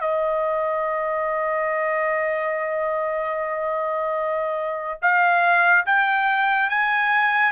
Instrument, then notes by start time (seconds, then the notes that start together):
trumpet
0.00 D#5
5.02 F5
5.86 G5
6.70 G#5